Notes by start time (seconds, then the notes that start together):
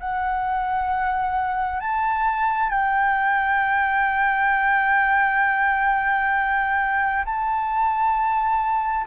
0.00 F#5
1.80 A5
2.70 G5
7.25 A5